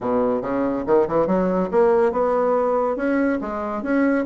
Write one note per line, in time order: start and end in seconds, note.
0.00 0.41 B2
0.41 0.84 C#3
0.86 1.07 D#3
1.08 1.26 E3
1.26 1.69 F#3
1.71 2.12 A#3
2.12 2.96 B3
2.96 3.38 C#4
3.41 3.82 G#3
3.82 4.25 C#4